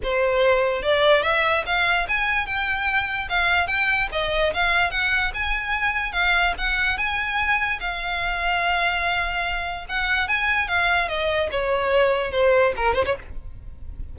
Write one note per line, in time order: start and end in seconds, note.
0.03 0.82 C5
0.82 1.22 D5
1.22 1.63 E5
1.66 2.07 F5
2.08 2.46 G#5
2.46 3.28 G5
3.29 3.67 F5
3.67 4.08 G5
4.12 4.53 D#5
4.53 4.91 F5
4.91 5.32 F#5
5.34 6.12 G#5
6.12 6.53 F5
6.58 6.97 F#5
6.97 7.79 G#5
7.80 9.85 F5
9.89 10.28 F#5
10.28 10.68 G#5
10.68 11.08 F5
11.08 11.49 D#5
11.51 12.31 C#5
12.31 12.72 C5
12.76 12.94 A#4
12.94 13.04 C5
13.05 13.15 C#5